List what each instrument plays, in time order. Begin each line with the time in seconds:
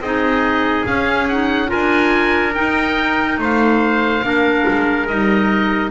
0.00 double bass C4, clarinet D#4, trumpet G#4, oboe D#5
0.86 clarinet C#4, double bass C#4, oboe F5
1.29 clarinet D#4, oboe F#5
1.68 clarinet F4, trumpet A#4, oboe G#5
1.74 double bass D4
2.55 clarinet D#4, double bass D#4, oboe G5
3.38 double bass A3, trumpet C5, oboe F5
4.23 double bass A#3, clarinet D4, trumpet A#4
4.69 double bass G#3
5.08 double bass G3, clarinet D#4, oboe D#5